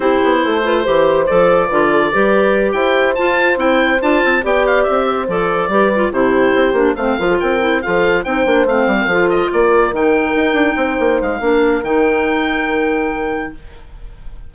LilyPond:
<<
  \new Staff \with { instrumentName = "oboe" } { \time 4/4 \tempo 4 = 142 c''2. d''4~ | d''2~ d''8 g''4 a''8~ | a''8 g''4 a''4 g''8 f''8 e''8~ | e''8 d''2 c''4.~ |
c''8 f''4 g''4 f''4 g''8~ | g''8 f''4. dis''8 d''4 g''8~ | g''2~ g''8 f''4. | g''1 | }
  \new Staff \with { instrumentName = "horn" } { \time 4/4 g'4 a'8 b'8 c''2 | b'8 a'8 b'4. c''4.~ | c''2~ c''8 d''4. | c''4. b'4 g'4.~ |
g'8 c''8 ais'16 a'16 ais'4 a'4 c''8~ | c''4~ c''16 ais'16 a'4 ais'4.~ | ais'4. c''4. ais'4~ | ais'1 | }
  \new Staff \with { instrumentName = "clarinet" } { \time 4/4 e'4. f'8 g'4 a'4 | f'4 g'2~ g'8 f'8~ | f'8 e'4 f'4 g'4.~ | g'8 a'4 g'8 f'8 e'4. |
d'8 c'8 f'4 e'8 f'4 dis'8 | d'8 c'4 f'2 dis'8~ | dis'2. d'4 | dis'1 | }
  \new Staff \with { instrumentName = "bassoon" } { \time 4/4 c'8 b8 a4 e4 f4 | d4 g4. e'4 f'8~ | f'8 c'4 d'8 c'8 b4 c'8~ | c'8 f4 g4 c4 c'8 |
ais8 a8 f8 c'4 f4 c'8 | ais8 a8 g8 f4 ais4 dis8~ | dis8 dis'8 d'8 c'8 ais8 gis8 ais4 | dis1 | }
>>